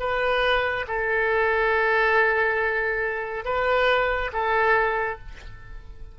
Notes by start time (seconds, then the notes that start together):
0.00 B4
0.88 A4
3.45 B4
4.33 A4